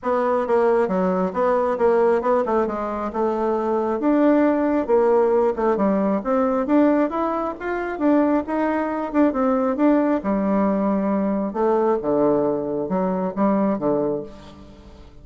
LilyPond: \new Staff \with { instrumentName = "bassoon" } { \time 4/4 \tempo 4 = 135 b4 ais4 fis4 b4 | ais4 b8 a8 gis4 a4~ | a4 d'2 ais4~ | ais8 a8 g4 c'4 d'4 |
e'4 f'4 d'4 dis'4~ | dis'8 d'8 c'4 d'4 g4~ | g2 a4 d4~ | d4 fis4 g4 d4 | }